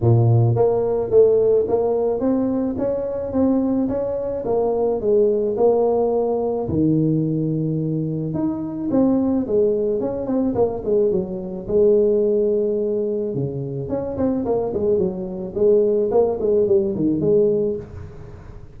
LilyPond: \new Staff \with { instrumentName = "tuba" } { \time 4/4 \tempo 4 = 108 ais,4 ais4 a4 ais4 | c'4 cis'4 c'4 cis'4 | ais4 gis4 ais2 | dis2. dis'4 |
c'4 gis4 cis'8 c'8 ais8 gis8 | fis4 gis2. | cis4 cis'8 c'8 ais8 gis8 fis4 | gis4 ais8 gis8 g8 dis8 gis4 | }